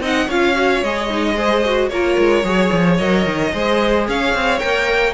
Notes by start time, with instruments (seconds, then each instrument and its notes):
0.00 cello C4, viola D#4, violin D#5 F#5
0.27 cello C#4, viola F4, violin C#5 F5
0.55 viola F#4
0.82 cello G#3, viola G#4, violin D#5
1.09 viola D#4
1.36 viola G#4, violin C5
1.65 viola F#4
1.89 cello A#3, viola F4, violin A#4 C#5
2.18 cello G#3
2.43 cello F#3, viola G#4, violin C#5
2.72 cello F3
2.97 cello F#3, viola A#4, violin D#5
3.26 cello D#3
3.53 cello G#3, viola G#4, violin C5
4.07 cello C#4, violin C#5 F5
4.34 cello C4
4.59 cello A#3, viola A#4, violin G5